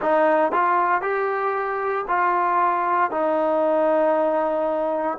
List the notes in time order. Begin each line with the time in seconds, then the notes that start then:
0.01 D#4
0.52 F4
1.01 G4
2.07 F4
3.10 D#4